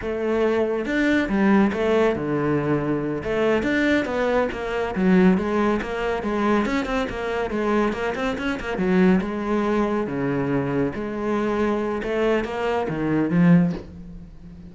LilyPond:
\new Staff \with { instrumentName = "cello" } { \time 4/4 \tempo 4 = 140 a2 d'4 g4 | a4 d2~ d8 a8~ | a8 d'4 b4 ais4 fis8~ | fis8 gis4 ais4 gis4 cis'8 |
c'8 ais4 gis4 ais8 c'8 cis'8 | ais8 fis4 gis2 cis8~ | cis4. gis2~ gis8 | a4 ais4 dis4 f4 | }